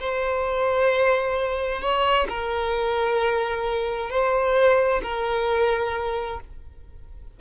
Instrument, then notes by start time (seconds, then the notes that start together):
violin
0.00 C5
1.82 C#5
2.29 A#4
4.10 C5
5.03 A#4